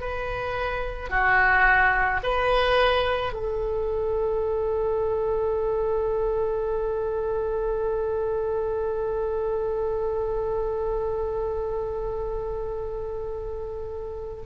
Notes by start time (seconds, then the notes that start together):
0.00 B4
1.10 F#4
2.23 B4
3.33 A4